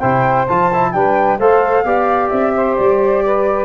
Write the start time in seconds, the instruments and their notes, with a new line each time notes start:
0.00 tuba C3, trombone E4, saxophone C5, flute G5
0.48 tuba F3, trombone F4, flute A5
0.74 trombone E4
0.93 tuba G3, trombone D4, saxophone B4, flute G5
1.39 tuba A3, trombone A4, saxophone C5, flute F5
1.85 tuba B3, trombone G4, saxophone D5
2.30 tuba C4, flute E5
2.56 saxophone C5
2.77 tuba G3, flute D5
3.25 saxophone B4